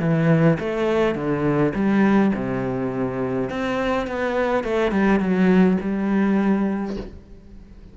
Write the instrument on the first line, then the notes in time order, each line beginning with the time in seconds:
cello
0.00 E3
0.60 A3
1.15 D3
1.75 G3
2.35 C3
3.50 C4
4.07 B3
4.64 A3
4.91 G3
5.20 F#3
5.81 G3